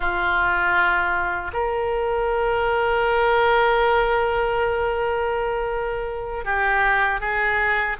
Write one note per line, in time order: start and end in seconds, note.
0.00 1.51 F4
1.53 6.44 A#4
6.44 7.20 G4
7.20 7.96 G#4